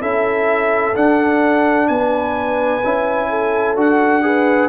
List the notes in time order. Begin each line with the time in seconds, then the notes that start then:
0.00 C#4 E4 A4 E5
0.94 D4 F#5
1.88 B3 B4 G#5
2.84 C#4 E4
3.30 A4
3.76 D4 F#4 F#5
4.22 G#4 B4